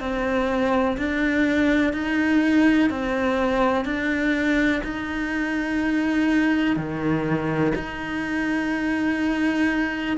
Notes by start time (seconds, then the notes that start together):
0.00 C4
0.97 D4
1.93 D#4
2.90 C4
3.85 D4
4.83 D#4
6.76 D#3
7.75 D#4